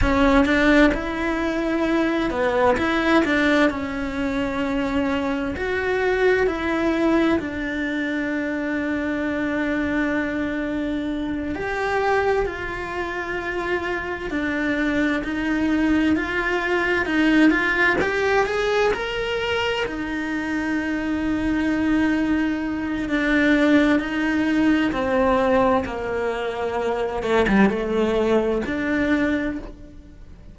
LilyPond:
\new Staff \with { instrumentName = "cello" } { \time 4/4 \tempo 4 = 65 cis'8 d'8 e'4. b8 e'8 d'8 | cis'2 fis'4 e'4 | d'1~ | d'8 g'4 f'2 d'8~ |
d'8 dis'4 f'4 dis'8 f'8 g'8 | gis'8 ais'4 dis'2~ dis'8~ | dis'4 d'4 dis'4 c'4 | ais4. a16 g16 a4 d'4 | }